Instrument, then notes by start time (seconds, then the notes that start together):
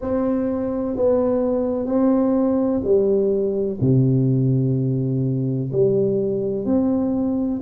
tuba
0.01 C4
0.96 B3
1.86 C4
2.84 G3
3.81 C3
5.71 G3
6.65 C4